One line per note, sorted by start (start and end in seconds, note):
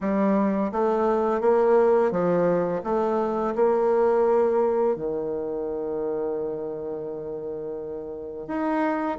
0.00 0.71 G3
0.72 1.41 A3
1.41 2.11 A#3
2.11 2.81 F3
2.83 3.54 A3
3.55 4.95 A#3
4.95 8.47 D#3
8.47 9.18 D#4